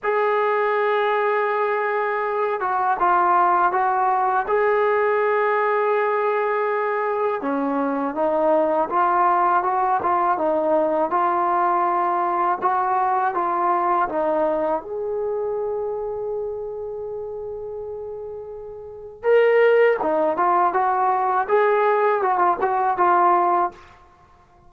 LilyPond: \new Staff \with { instrumentName = "trombone" } { \time 4/4 \tempo 4 = 81 gis'2.~ gis'8 fis'8 | f'4 fis'4 gis'2~ | gis'2 cis'4 dis'4 | f'4 fis'8 f'8 dis'4 f'4~ |
f'4 fis'4 f'4 dis'4 | gis'1~ | gis'2 ais'4 dis'8 f'8 | fis'4 gis'4 fis'16 f'16 fis'8 f'4 | }